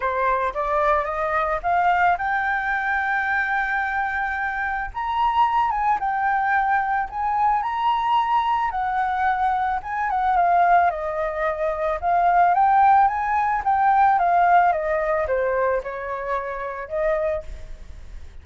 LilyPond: \new Staff \with { instrumentName = "flute" } { \time 4/4 \tempo 4 = 110 c''4 d''4 dis''4 f''4 | g''1~ | g''4 ais''4. gis''8 g''4~ | g''4 gis''4 ais''2 |
fis''2 gis''8 fis''8 f''4 | dis''2 f''4 g''4 | gis''4 g''4 f''4 dis''4 | c''4 cis''2 dis''4 | }